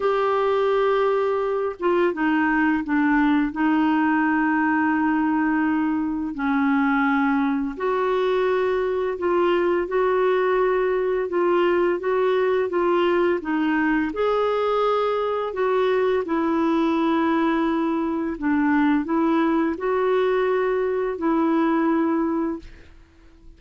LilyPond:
\new Staff \with { instrumentName = "clarinet" } { \time 4/4 \tempo 4 = 85 g'2~ g'8 f'8 dis'4 | d'4 dis'2.~ | dis'4 cis'2 fis'4~ | fis'4 f'4 fis'2 |
f'4 fis'4 f'4 dis'4 | gis'2 fis'4 e'4~ | e'2 d'4 e'4 | fis'2 e'2 | }